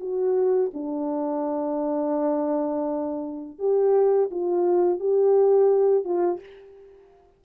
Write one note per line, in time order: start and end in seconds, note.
0.00 0.71 F#4
0.74 3.59 D4
3.59 4.30 G4
4.31 5.00 F4
5.00 6.05 G4
6.05 6.40 F4